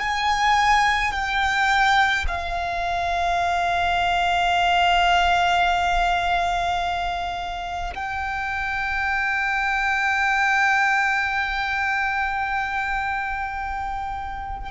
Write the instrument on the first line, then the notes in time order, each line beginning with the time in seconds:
violin
0.00 G#5
1.12 G5
2.27 F5
7.95 G5